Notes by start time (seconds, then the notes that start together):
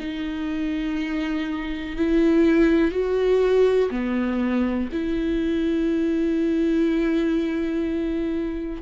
0.00 D#4
1.97 E4
2.92 F#4
3.91 B3
4.92 E4